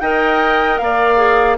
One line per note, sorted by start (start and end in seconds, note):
0.00 0.79 D#4
0.00 1.16 A#4
0.00 0.81 D#5
0.00 0.78 G5
0.78 1.58 A#3
0.78 1.58 D5
0.78 1.57 F5
1.16 1.56 G#4